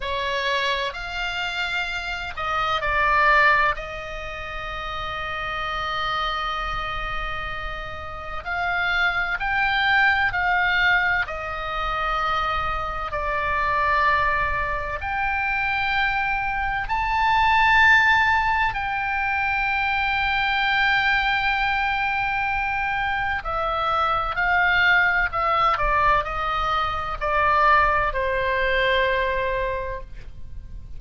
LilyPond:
\new Staff \with { instrumentName = "oboe" } { \time 4/4 \tempo 4 = 64 cis''4 f''4. dis''8 d''4 | dis''1~ | dis''4 f''4 g''4 f''4 | dis''2 d''2 |
g''2 a''2 | g''1~ | g''4 e''4 f''4 e''8 d''8 | dis''4 d''4 c''2 | }